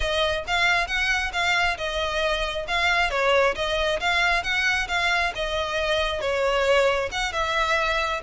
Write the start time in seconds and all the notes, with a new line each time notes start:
0.00 D#5
0.47 F5
0.87 F#5
1.33 F5
1.77 D#5
2.67 F5
3.10 C#5
3.55 D#5
4.00 F5
4.43 F#5
4.88 F5
5.35 D#5
6.20 C#5
7.11 F#5
7.32 E5